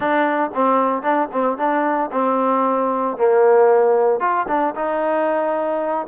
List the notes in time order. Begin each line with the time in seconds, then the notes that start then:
0.00 D4
0.54 C4
1.02 D4
1.32 C4
1.57 D4
2.11 C4
3.17 A#3
4.20 F4
4.48 D4
4.75 D#4